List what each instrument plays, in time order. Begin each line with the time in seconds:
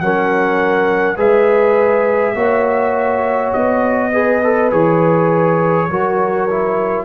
0.00 tuba F#3, trombone C#4, horn A#4, trumpet F#5
1.17 tuba G#3, trombone G#4, horn B4, trumpet E5
2.35 tuba A#3, trombone F#4, horn C#5
3.53 tuba B3, trumpet D#5
4.12 trombone G#4, horn B4
4.43 trombone A4
4.71 tuba E3, trombone G#4, trumpet C#5
5.89 tuba F#3, trombone F#4, horn A#4
6.50 trombone E4